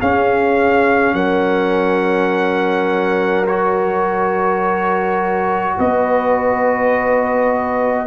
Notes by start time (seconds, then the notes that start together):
0.00 C#4 G#4 F5
1.14 F#3 A#4 F#5
3.48 F#4 C#5
5.78 B3 B4 D#5